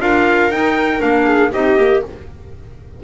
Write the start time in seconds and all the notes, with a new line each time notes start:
0.00 D4 F4 A#4 F5
0.51 D#4 G5
0.99 A#3 D4 F5
1.25 G#4
1.52 C4 D#4 G4 D#5
1.77 A#3 G4